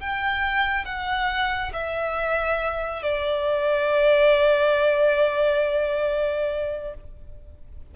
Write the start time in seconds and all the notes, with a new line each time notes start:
0.00 G5
0.86 F#5
1.74 E5
3.03 D5